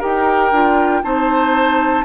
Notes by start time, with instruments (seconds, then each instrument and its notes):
0.00 bassoon D#4, clarinet G4, oboe A#4, flute G5
0.52 bassoon D4, clarinet F4
1.03 bassoon C4, clarinet D#4, oboe C5, flute A5